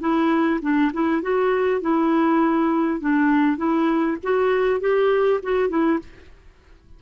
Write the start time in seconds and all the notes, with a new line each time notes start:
0.00 E4
0.61 D4
0.93 E4
1.22 F#4
1.81 E4
3.00 D4
3.57 E4
4.23 F#4
4.80 G4
5.43 F#4
5.69 E4